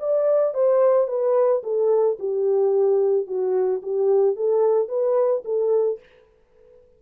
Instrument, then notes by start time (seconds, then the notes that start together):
horn
0.00 D5
0.54 C5
1.08 B4
1.63 A4
2.19 G4
3.27 F#4
3.83 G4
4.36 A4
4.89 B4
5.45 A4